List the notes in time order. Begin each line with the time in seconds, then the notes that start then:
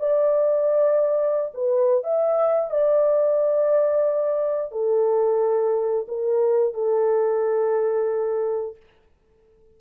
0.00 D5
1.55 B4
2.04 E5
2.71 D5
4.72 A4
6.09 A#4
6.75 A4